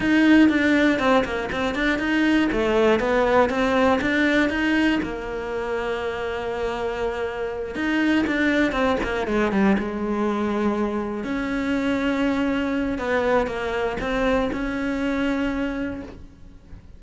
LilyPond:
\new Staff \with { instrumentName = "cello" } { \time 4/4 \tempo 4 = 120 dis'4 d'4 c'8 ais8 c'8 d'8 | dis'4 a4 b4 c'4 | d'4 dis'4 ais2~ | ais2.~ ais8 dis'8~ |
dis'8 d'4 c'8 ais8 gis8 g8 gis8~ | gis2~ gis8 cis'4.~ | cis'2 b4 ais4 | c'4 cis'2. | }